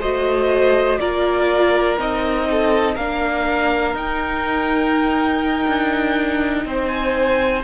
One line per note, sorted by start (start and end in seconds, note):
0.00 1.00 A3
0.00 1.00 F#4
0.00 0.98 C5
0.00 0.99 D#5
0.99 1.98 A#3
0.99 1.98 F4
0.99 2.48 A#4
0.99 1.97 D5
1.98 2.96 C4
1.98 2.96 D#4
1.98 2.96 D#5
2.50 2.95 A4
2.95 3.94 A#3
2.95 3.94 D4
2.95 6.64 A#4
2.95 3.94 F5
3.94 5.66 D#4
3.94 7.63 D#4
3.94 6.87 G5
5.67 6.65 D4
6.65 7.63 C4
6.65 7.64 C5
6.87 7.61 G#5